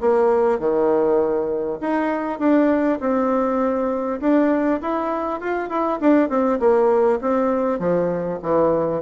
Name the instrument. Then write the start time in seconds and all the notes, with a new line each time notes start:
bassoon
0.00 A#3
0.59 D#3
1.81 D#4
2.39 D4
3.00 C4
4.20 D4
4.81 E4
5.40 F4
5.69 E4
6.00 D4
6.29 C4
6.59 A#3
7.21 C4
7.79 F3
8.42 E3